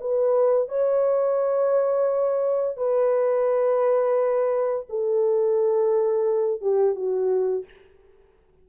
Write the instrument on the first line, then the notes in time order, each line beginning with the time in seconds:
horn
0.00 B4
0.68 C#5
2.77 B4
4.89 A4
6.61 G4
6.95 F#4